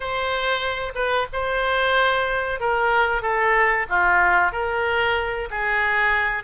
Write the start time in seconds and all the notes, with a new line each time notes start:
0.00 C5
0.94 B4
1.32 C5
2.60 A#4
3.21 A4
3.89 F4
4.52 A#4
5.50 G#4